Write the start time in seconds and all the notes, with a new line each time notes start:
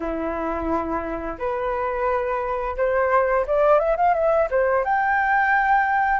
0.00 E4
1.38 B4
2.76 C5
3.46 D5
3.79 E5
3.97 F5
4.14 E5
4.50 C5
4.84 G5